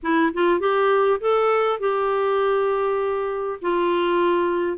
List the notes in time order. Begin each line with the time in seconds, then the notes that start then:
0.02 E4
0.33 F4
0.60 G4
1.20 A4
1.79 G4
3.61 F4